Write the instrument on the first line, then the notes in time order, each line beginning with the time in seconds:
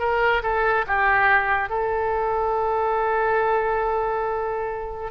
oboe
0.00 A#4
0.43 A4
0.88 G4
1.69 A4